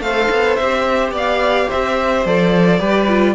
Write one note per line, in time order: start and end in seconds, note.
0.00 0.28 A3
0.00 0.59 A4
0.00 1.12 C5
0.00 0.55 F5
0.30 0.58 B3
0.55 1.11 C4
0.55 1.11 E5
0.62 2.26 G4
1.11 1.67 B3
1.11 1.68 D5
1.11 1.70 F5
1.68 2.25 C4
1.68 2.79 C5
1.68 2.26 E5
2.25 2.79 F3
2.25 2.79 A4
2.25 3.34 D5
2.79 3.34 G3
2.79 3.07 G4
2.79 3.34 B4
3.08 3.34 F4